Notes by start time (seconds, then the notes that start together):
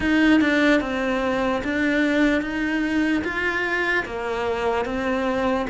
0.00 D#4
0.41 D4
0.80 C4
1.64 D4
2.41 D#4
3.24 F4
4.05 A#3
4.85 C4